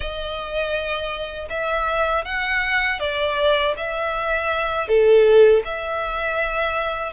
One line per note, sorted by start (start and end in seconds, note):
0.00 1.48 D#5
1.49 2.24 E5
2.25 2.99 F#5
2.99 3.74 D5
3.77 4.88 E5
4.88 5.62 A4
5.64 7.12 E5